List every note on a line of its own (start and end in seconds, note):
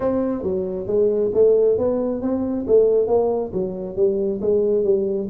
0.00 0.42 C4
0.42 0.86 F#3
0.86 1.31 G#3
1.34 1.78 A3
1.78 2.21 B3
2.21 2.65 C4
2.67 3.07 A3
3.07 3.51 A#3
3.53 3.96 F#3
3.96 4.40 G3
4.41 4.84 G#3
4.84 5.28 G3